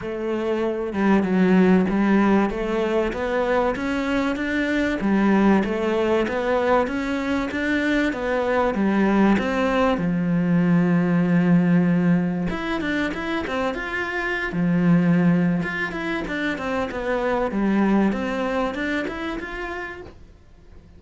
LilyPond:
\new Staff \with { instrumentName = "cello" } { \time 4/4 \tempo 4 = 96 a4. g8 fis4 g4 | a4 b4 cis'4 d'4 | g4 a4 b4 cis'4 | d'4 b4 g4 c'4 |
f1 | e'8 d'8 e'8 c'8 f'4~ f'16 f8.~ | f4 f'8 e'8 d'8 c'8 b4 | g4 c'4 d'8 e'8 f'4 | }